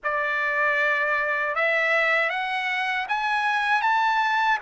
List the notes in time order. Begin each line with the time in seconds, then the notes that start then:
0.03 D5
1.55 E5
2.29 F#5
3.08 G#5
3.81 A5